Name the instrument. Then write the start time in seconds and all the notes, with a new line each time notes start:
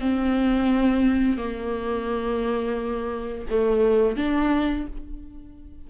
viola
0.00 C4
1.38 A#3
3.50 A3
4.17 D4